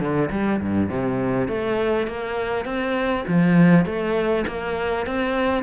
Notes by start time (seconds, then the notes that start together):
0.00 D3
0.31 G3
0.61 G2
0.89 C3
1.48 A3
2.07 A#3
2.65 C4
3.28 F3
3.86 A3
4.47 A#3
5.07 C4